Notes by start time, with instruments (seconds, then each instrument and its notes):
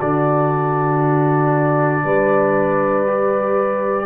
0.00 tuba D3, trombone D4, horn F#4, trumpet D5
2.05 tuba G3, horn B4
3.07 trombone G4